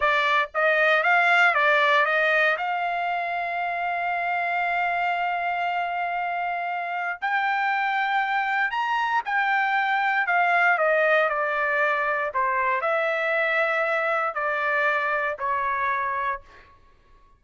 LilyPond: \new Staff \with { instrumentName = "trumpet" } { \time 4/4 \tempo 4 = 117 d''4 dis''4 f''4 d''4 | dis''4 f''2.~ | f''1~ | f''2 g''2~ |
g''4 ais''4 g''2 | f''4 dis''4 d''2 | c''4 e''2. | d''2 cis''2 | }